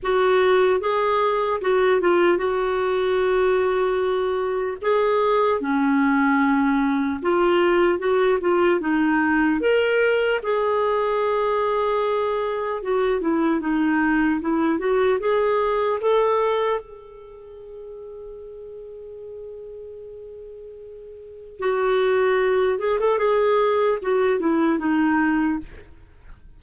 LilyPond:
\new Staff \with { instrumentName = "clarinet" } { \time 4/4 \tempo 4 = 75 fis'4 gis'4 fis'8 f'8 fis'4~ | fis'2 gis'4 cis'4~ | cis'4 f'4 fis'8 f'8 dis'4 | ais'4 gis'2. |
fis'8 e'8 dis'4 e'8 fis'8 gis'4 | a'4 gis'2.~ | gis'2. fis'4~ | fis'8 gis'16 a'16 gis'4 fis'8 e'8 dis'4 | }